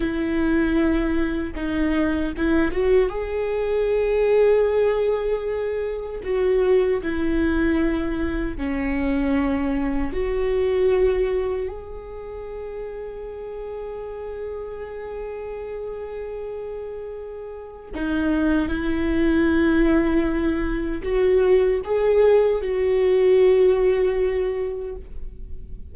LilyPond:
\new Staff \with { instrumentName = "viola" } { \time 4/4 \tempo 4 = 77 e'2 dis'4 e'8 fis'8 | gis'1 | fis'4 e'2 cis'4~ | cis'4 fis'2 gis'4~ |
gis'1~ | gis'2. dis'4 | e'2. fis'4 | gis'4 fis'2. | }